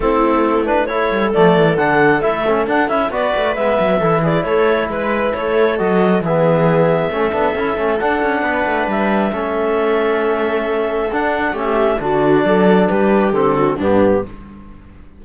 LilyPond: <<
  \new Staff \with { instrumentName = "clarinet" } { \time 4/4 \tempo 4 = 135 a'4. b'8 cis''4 d''4 | fis''4 e''4 fis''8 e''8 d''4 | e''4. d''8 cis''4 b'4 | cis''4 dis''4 e''2~ |
e''2 fis''2 | e''1~ | e''4 fis''4 e''4 d''4~ | d''4 b'4 a'4 g'4 | }
  \new Staff \with { instrumentName = "viola" } { \time 4/4 e'2 a'2~ | a'2. b'4~ | b'4 a'8 gis'8 a'4 b'4 | a'2 gis'2 |
a'2. b'4~ | b'4 a'2.~ | a'2 g'4 fis'4 | a'4 g'4. fis'8 d'4 | }
  \new Staff \with { instrumentName = "trombone" } { \time 4/4 c'4. d'8 e'4 a4 | d'4 e'8 cis'8 d'8 e'8 fis'4 | b4 e'2.~ | e'4 fis'4 b2 |
cis'8 d'8 e'8 cis'8 d'2~ | d'4 cis'2.~ | cis'4 d'4 cis'4 d'4~ | d'2 c'4 b4 | }
  \new Staff \with { instrumentName = "cello" } { \time 4/4 a2~ a8 g8 f8 e8 | d4 a4 d'8 cis'8 b8 a8 | gis8 fis8 e4 a4 gis4 | a4 fis4 e2 |
a8 b8 cis'8 a8 d'8 cis'8 b8 a8 | g4 a2.~ | a4 d'4 a4 d4 | fis4 g4 d4 g,4 | }
>>